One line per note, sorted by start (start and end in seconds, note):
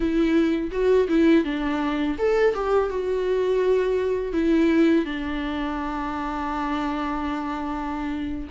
0.00 0.70 E4
0.71 1.07 F#4
1.08 1.44 E4
1.44 2.17 D4
2.18 2.54 A4
2.54 2.89 G4
2.89 4.32 F#4
4.32 5.05 E4
5.05 8.48 D4